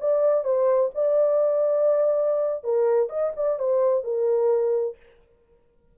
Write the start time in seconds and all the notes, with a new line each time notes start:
0.00 D5
0.44 C5
0.94 D5
2.64 A#4
3.09 D#5
3.36 D5
3.59 C5
4.04 A#4